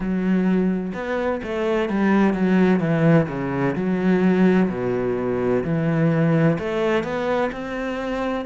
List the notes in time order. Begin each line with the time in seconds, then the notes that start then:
0.00 F#3
0.94 B3
1.43 A3
1.89 G3
2.33 F#3
2.80 E3
3.28 C#3
3.75 F#3
4.69 B2
5.64 E3
6.59 A3
7.03 B3
7.52 C4